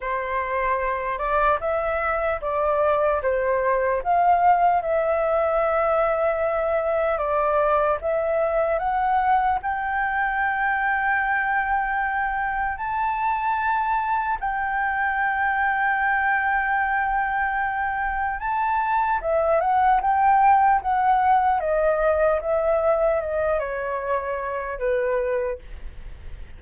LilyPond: \new Staff \with { instrumentName = "flute" } { \time 4/4 \tempo 4 = 75 c''4. d''8 e''4 d''4 | c''4 f''4 e''2~ | e''4 d''4 e''4 fis''4 | g''1 |
a''2 g''2~ | g''2. a''4 | e''8 fis''8 g''4 fis''4 dis''4 | e''4 dis''8 cis''4. b'4 | }